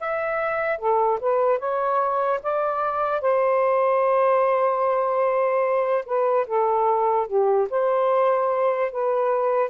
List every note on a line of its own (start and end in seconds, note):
0.00 0.78 E5
0.78 1.19 A4
1.20 1.58 B4
1.58 2.40 C#5
2.43 3.21 D5
3.21 6.04 C5
6.06 6.46 B4
6.47 7.27 A4
7.27 7.68 G4
7.70 8.91 C5
8.92 9.70 B4